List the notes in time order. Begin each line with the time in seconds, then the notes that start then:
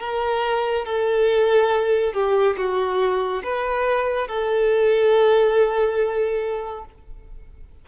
0.00 A#4
0.86 A4
2.14 G4
2.57 F#4
3.44 B4
4.28 A4